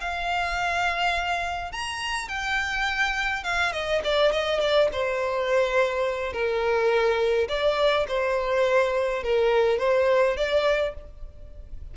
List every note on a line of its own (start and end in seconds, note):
0.00 1.72 F5
1.72 2.28 A#5
2.28 3.44 G5
3.44 3.72 F5
3.72 4.01 D#5
4.04 4.32 D5
4.32 4.60 D#5
4.60 4.89 D5
4.92 6.33 C5
6.33 7.48 A#4
7.48 8.06 D5
8.08 9.23 C5
9.23 9.79 A#4
9.79 10.36 C5
10.37 10.94 D5